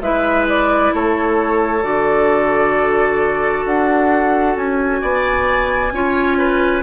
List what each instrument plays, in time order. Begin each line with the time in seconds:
0.00 bassoon G#3, clarinet E4, oboe B4, flute E5
0.48 flute D5
0.93 bassoon A3, oboe A4, flute C#5
1.81 bassoon D3, clarinet F#4, flute D5
3.65 bassoon D4, flute F#5
4.56 bassoon C#4, flute G#5
5.01 bassoon B3, oboe D5
5.91 bassoon C#4, clarinet F4, oboe C#5
6.38 oboe B4